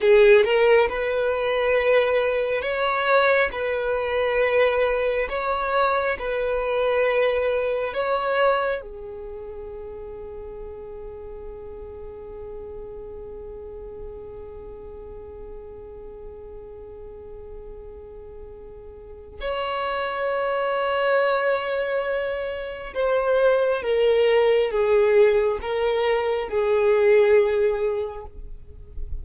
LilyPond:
\new Staff \with { instrumentName = "violin" } { \time 4/4 \tempo 4 = 68 gis'8 ais'8 b'2 cis''4 | b'2 cis''4 b'4~ | b'4 cis''4 gis'2~ | gis'1~ |
gis'1~ | gis'2 cis''2~ | cis''2 c''4 ais'4 | gis'4 ais'4 gis'2 | }